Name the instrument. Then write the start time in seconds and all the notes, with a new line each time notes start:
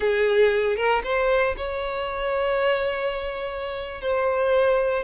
violin
0.00 G#4
0.76 A#4
1.03 C5
1.57 C#5
4.01 C5